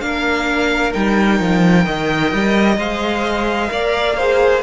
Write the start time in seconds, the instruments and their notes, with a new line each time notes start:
0.00 cello A#3, viola D4, violin F5
0.06 violin A#4
0.93 cello G3, viola D#4, violin G5
1.40 cello F3
1.85 cello D#3, viola A#4, violin D#5
2.32 cello G3
2.77 cello G#3, viola C5, violin F5
3.68 cello A#3, viola A#4, violin D5
4.17 viola G#4, violin C5